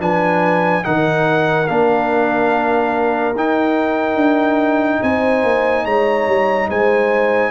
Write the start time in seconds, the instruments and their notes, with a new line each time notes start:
0.00 tuba F3, trombone D4, horn B4, trumpet G#5
0.85 tuba D#3, trombone D#4, horn A#4, trumpet F#5
1.68 tuba A#3, trombone D4, trumpet F5
3.35 tuba D#4, trombone D#4, trumpet G5
4.16 tuba D4
5.03 tuba C4, horn C5, trumpet G#5
5.44 tuba A#3
5.85 tuba G#3, horn C#5, trumpet A#5
6.28 tuba G3
6.69 tuba G#3, horn C5, trumpet G#5